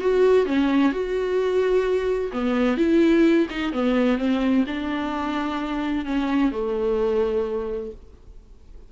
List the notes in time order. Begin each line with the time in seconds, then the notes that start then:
0.00 F#4
0.46 C#4
0.92 F#4
2.32 B3
2.77 E4
3.50 D#4
3.72 B3
4.18 C4
4.66 D4
6.05 C#4
6.51 A3